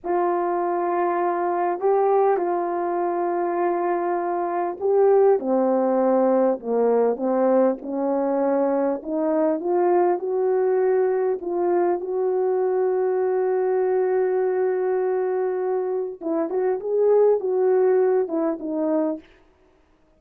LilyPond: \new Staff \with { instrumentName = "horn" } { \time 4/4 \tempo 4 = 100 f'2. g'4 | f'1 | g'4 c'2 ais4 | c'4 cis'2 dis'4 |
f'4 fis'2 f'4 | fis'1~ | fis'2. e'8 fis'8 | gis'4 fis'4. e'8 dis'4 | }